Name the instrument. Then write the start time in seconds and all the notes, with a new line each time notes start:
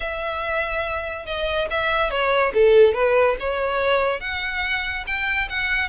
violin
0.00 E5
1.25 D#5
1.70 E5
2.10 C#5
2.54 A4
2.94 B4
3.39 C#5
4.20 F#5
5.06 G5
5.49 F#5